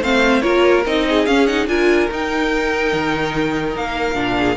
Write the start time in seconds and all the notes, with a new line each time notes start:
0.00 A3 C4 C5 F5
0.41 A#3 F4 A#4 C#5
0.85 C4 D#4 D#5
1.08 G#4
1.26 C#4 F5
1.46 D#4 F#5
1.67 D4 F4 A#4 G#5
2.10 D#4 G5
2.93 D#3
3.75 A#3 F5
4.14 A#2 D4
4.37 G#4